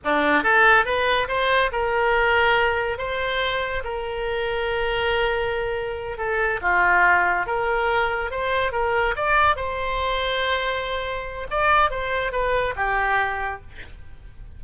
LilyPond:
\new Staff \with { instrumentName = "oboe" } { \time 4/4 \tempo 4 = 141 d'4 a'4 b'4 c''4 | ais'2. c''4~ | c''4 ais'2.~ | ais'2~ ais'8 a'4 f'8~ |
f'4. ais'2 c''8~ | c''8 ais'4 d''4 c''4.~ | c''2. d''4 | c''4 b'4 g'2 | }